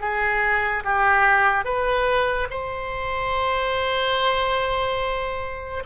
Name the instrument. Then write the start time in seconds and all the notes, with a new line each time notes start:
oboe
0.00 G#4
0.84 G4
1.65 B4
2.50 C5